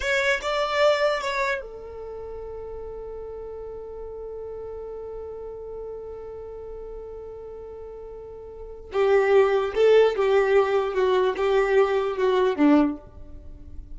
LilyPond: \new Staff \with { instrumentName = "violin" } { \time 4/4 \tempo 4 = 148 cis''4 d''2 cis''4 | a'1~ | a'1~ | a'1~ |
a'1~ | a'2 g'2 | a'4 g'2 fis'4 | g'2 fis'4 d'4 | }